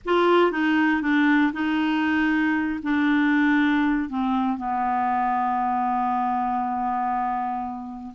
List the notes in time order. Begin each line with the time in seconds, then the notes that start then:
0.05 F4
0.51 D#4
1.01 D4
1.53 D#4
2.82 D4
4.09 C4
4.57 B3